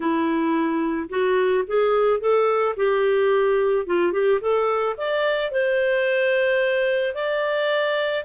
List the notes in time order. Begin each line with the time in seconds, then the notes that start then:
0.00 E4
1.09 F#4
1.67 G#4
2.20 A4
2.76 G4
3.86 F4
4.12 G4
4.40 A4
4.97 D5
5.51 C5
7.14 D5